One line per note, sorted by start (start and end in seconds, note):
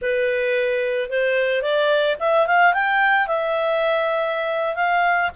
0.01 1.09 B4
1.09 1.62 C5
1.62 2.16 D5
2.19 2.46 E5
2.47 2.73 F5
2.73 3.27 G5
3.27 4.75 E5
4.75 5.30 F5